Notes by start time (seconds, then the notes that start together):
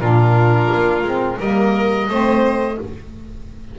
0.00 A#2 D4 F4 A#4
0.74 A#3
1.03 G#3 C4
1.39 G3 A#3 A#4 D#5
2.09 A3 C4 C5